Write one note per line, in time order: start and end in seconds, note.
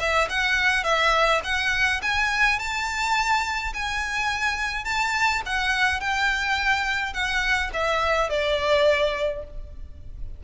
0.00 0.29 E5
0.29 0.84 F#5
0.84 1.41 E5
1.44 2.01 F#5
2.02 2.59 G#5
2.59 3.73 A5
3.74 4.85 G#5
4.85 5.42 A5
5.46 6.01 F#5
6.01 7.14 G5
7.14 7.71 F#5
7.74 8.30 E5
8.30 9.44 D5